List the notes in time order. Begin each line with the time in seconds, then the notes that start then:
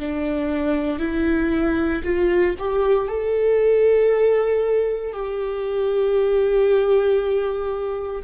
0.00 D4
0.99 E4
2.04 F4
2.59 G4
3.08 A4
5.13 G4